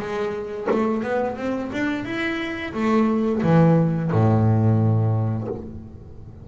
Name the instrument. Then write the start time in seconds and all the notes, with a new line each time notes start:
double bass
0.00 G#3
0.71 A3
1.03 B3
1.37 C4
1.72 D4
2.05 E4
2.74 A3
3.43 E3
4.12 A2